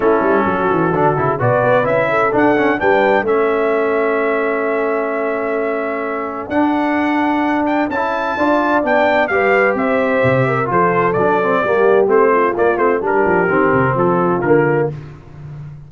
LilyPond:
<<
  \new Staff \with { instrumentName = "trumpet" } { \time 4/4 \tempo 4 = 129 a'2. d''4 | e''4 fis''4 g''4 e''4~ | e''1~ | e''2 fis''2~ |
fis''8 g''8 a''2 g''4 | f''4 e''2 c''4 | d''2 c''4 d''8 c''8 | ais'2 a'4 ais'4 | }
  \new Staff \with { instrumentName = "horn" } { \time 4/4 e'4 fis'2 b'4~ | b'8 a'4. b'4 a'4~ | a'1~ | a'1~ |
a'2 d''2 | b'4 c''4. ais'8 a'4~ | a'4 g'4. f'4. | g'2 f'2 | }
  \new Staff \with { instrumentName = "trombone" } { \time 4/4 cis'2 d'8 e'8 fis'4 | e'4 d'8 cis'8 d'4 cis'4~ | cis'1~ | cis'2 d'2~ |
d'4 e'4 f'4 d'4 | g'2. f'4 | d'8 c'8 ais4 c'4 ais8 c'8 | d'4 c'2 ais4 | }
  \new Staff \with { instrumentName = "tuba" } { \time 4/4 a8 g8 fis8 e8 d8 cis8 b,8 b8 | cis'4 d'4 g4 a4~ | a1~ | a2 d'2~ |
d'4 cis'4 d'4 b4 | g4 c'4 c4 f4 | fis4 g4 a4 ais8 a8 | g8 f8 dis8 c8 f4 d4 | }
>>